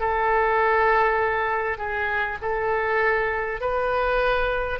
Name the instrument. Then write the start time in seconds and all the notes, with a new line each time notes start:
oboe
0.00 A4
1.78 G#4
2.42 A4
3.61 B4